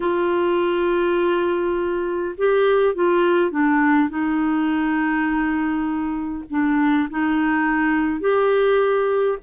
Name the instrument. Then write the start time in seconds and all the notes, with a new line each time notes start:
clarinet
0.00 F4
2.37 G4
2.94 F4
3.50 D4
4.09 D#4
6.50 D4
7.10 D#4
8.20 G4